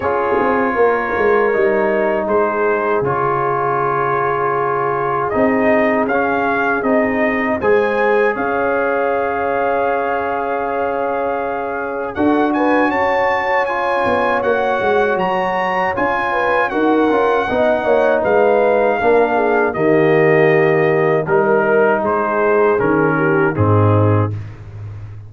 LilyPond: <<
  \new Staff \with { instrumentName = "trumpet" } { \time 4/4 \tempo 4 = 79 cis''2. c''4 | cis''2. dis''4 | f''4 dis''4 gis''4 f''4~ | f''1 |
fis''8 gis''8 a''4 gis''4 fis''4 | ais''4 gis''4 fis''2 | f''2 dis''2 | ais'4 c''4 ais'4 gis'4 | }
  \new Staff \with { instrumentName = "horn" } { \time 4/4 gis'4 ais'2 gis'4~ | gis'1~ | gis'2 c''4 cis''4~ | cis''1 |
a'8 b'8 cis''2.~ | cis''4. b'8 ais'4 dis''8 cis''8 | b'4 ais'8 gis'8 g'2 | ais'4 gis'4. g'8 dis'4 | }
  \new Staff \with { instrumentName = "trombone" } { \time 4/4 f'2 dis'2 | f'2. dis'4 | cis'4 dis'4 gis'2~ | gis'1 |
fis'2 f'4 fis'4~ | fis'4 f'4 fis'8 f'8 dis'4~ | dis'4 d'4 ais2 | dis'2 cis'4 c'4 | }
  \new Staff \with { instrumentName = "tuba" } { \time 4/4 cis'8 c'8 ais8 gis8 g4 gis4 | cis2. c'4 | cis'4 c'4 gis4 cis'4~ | cis'1 |
d'4 cis'4. b8 ais8 gis8 | fis4 cis'4 dis'8 cis'8 b8 ais8 | gis4 ais4 dis2 | g4 gis4 dis4 gis,4 | }
>>